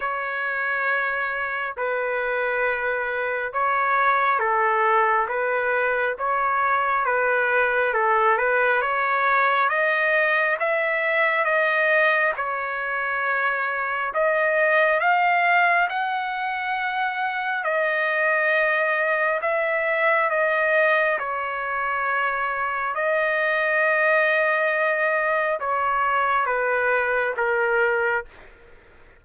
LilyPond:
\new Staff \with { instrumentName = "trumpet" } { \time 4/4 \tempo 4 = 68 cis''2 b'2 | cis''4 a'4 b'4 cis''4 | b'4 a'8 b'8 cis''4 dis''4 | e''4 dis''4 cis''2 |
dis''4 f''4 fis''2 | dis''2 e''4 dis''4 | cis''2 dis''2~ | dis''4 cis''4 b'4 ais'4 | }